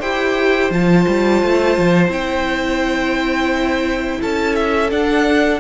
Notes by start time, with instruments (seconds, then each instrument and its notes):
0.00 cello E4, viola G4, violin C5 G5
0.71 cello F3, viola F4, violin A5
1.08 cello G3
1.43 cello A3
1.78 cello F3
2.09 cello C4, viola E4, violin G5
4.22 cello C#4, violin A4 A5
4.56 violin E5
4.91 viola D4, cello D4, violin F#5